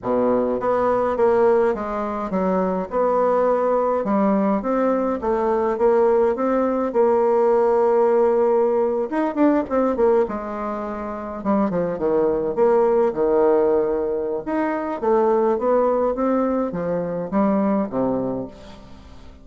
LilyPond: \new Staff \with { instrumentName = "bassoon" } { \time 4/4 \tempo 4 = 104 b,4 b4 ais4 gis4 | fis4 b2 g4 | c'4 a4 ais4 c'4 | ais2.~ ais8. dis'16~ |
dis'16 d'8 c'8 ais8 gis2 g16~ | g16 f8 dis4 ais4 dis4~ dis16~ | dis4 dis'4 a4 b4 | c'4 f4 g4 c4 | }